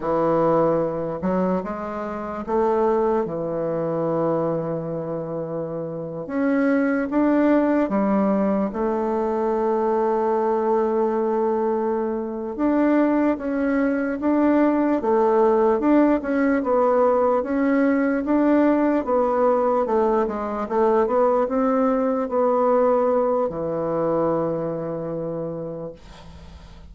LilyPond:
\new Staff \with { instrumentName = "bassoon" } { \time 4/4 \tempo 4 = 74 e4. fis8 gis4 a4 | e2.~ e8. cis'16~ | cis'8. d'4 g4 a4~ a16~ | a2.~ a8 d'8~ |
d'8 cis'4 d'4 a4 d'8 | cis'8 b4 cis'4 d'4 b8~ | b8 a8 gis8 a8 b8 c'4 b8~ | b4 e2. | }